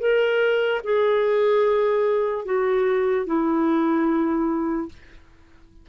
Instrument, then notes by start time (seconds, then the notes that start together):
clarinet
0.00 A#4
0.84 G#4
2.45 F#4
3.26 E4